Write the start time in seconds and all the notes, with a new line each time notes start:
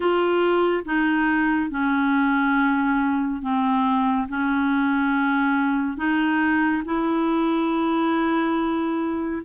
0.00 F4
0.85 D#4
1.70 C#4
3.41 C4
4.29 C#4
5.97 D#4
6.85 E4